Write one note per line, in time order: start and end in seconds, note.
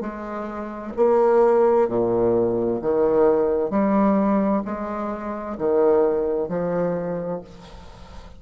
0.00 0.92 G#3
0.97 1.88 A#3
1.88 2.80 A#2
2.81 3.70 D#3
3.70 4.62 G3
4.65 5.57 G#3
5.58 6.49 D#3
6.49 7.41 F3